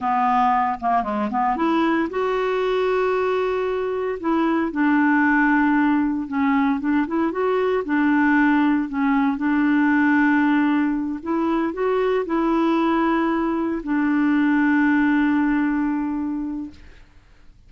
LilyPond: \new Staff \with { instrumentName = "clarinet" } { \time 4/4 \tempo 4 = 115 b4. ais8 gis8 b8 e'4 | fis'1 | e'4 d'2. | cis'4 d'8 e'8 fis'4 d'4~ |
d'4 cis'4 d'2~ | d'4. e'4 fis'4 e'8~ | e'2~ e'8 d'4.~ | d'1 | }